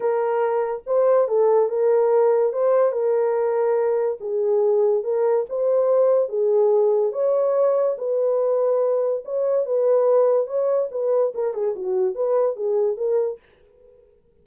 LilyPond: \new Staff \with { instrumentName = "horn" } { \time 4/4 \tempo 4 = 143 ais'2 c''4 a'4 | ais'2 c''4 ais'4~ | ais'2 gis'2 | ais'4 c''2 gis'4~ |
gis'4 cis''2 b'4~ | b'2 cis''4 b'4~ | b'4 cis''4 b'4 ais'8 gis'8 | fis'4 b'4 gis'4 ais'4 | }